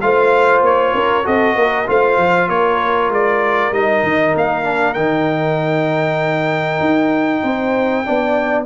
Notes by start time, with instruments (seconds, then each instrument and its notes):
0.00 tuba A3, trombone F4, horn C5, trumpet F5
0.62 tuba A#3, trumpet C#5
0.94 tuba C#4, horn A#4
1.23 tuba C4, trombone F#4, horn A4, trumpet D#5
1.55 tuba A#3, horn A#4
1.87 tuba A3, trombone F4, horn C5, trumpet F5
2.17 tuba F3
2.48 tuba A#3, horn A#4, trumpet C#5
3.09 tuba G#3, trumpet D5
3.71 tuba G3, trombone D#4, trumpet D#5
4.02 tuba D#3
4.35 tuba A#3, trumpet F5
4.63 trombone D4
4.93 tuba D#3, trombone D#4, trumpet G5
6.80 tuba D#4
7.43 tuba C4, horn C5
8.05 tuba B3, trombone D4, horn D5